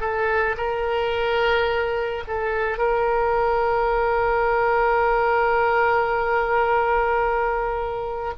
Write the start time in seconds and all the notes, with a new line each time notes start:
0.00 A4
0.57 A#4
2.27 A4
2.77 A#4